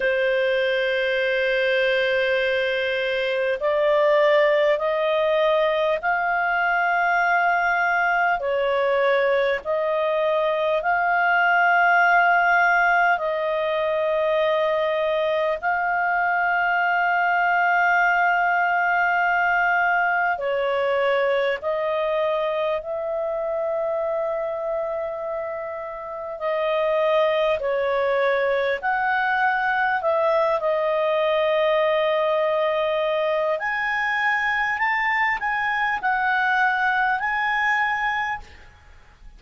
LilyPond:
\new Staff \with { instrumentName = "clarinet" } { \time 4/4 \tempo 4 = 50 c''2. d''4 | dis''4 f''2 cis''4 | dis''4 f''2 dis''4~ | dis''4 f''2.~ |
f''4 cis''4 dis''4 e''4~ | e''2 dis''4 cis''4 | fis''4 e''8 dis''2~ dis''8 | gis''4 a''8 gis''8 fis''4 gis''4 | }